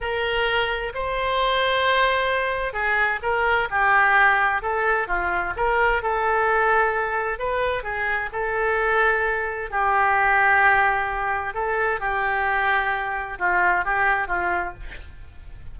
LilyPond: \new Staff \with { instrumentName = "oboe" } { \time 4/4 \tempo 4 = 130 ais'2 c''2~ | c''2 gis'4 ais'4 | g'2 a'4 f'4 | ais'4 a'2. |
b'4 gis'4 a'2~ | a'4 g'2.~ | g'4 a'4 g'2~ | g'4 f'4 g'4 f'4 | }